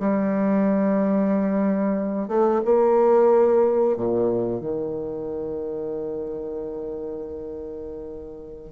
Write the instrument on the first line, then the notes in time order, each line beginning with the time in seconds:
bassoon
0.00 G3
2.29 A3
2.66 A#3
3.97 A#2
4.61 D#3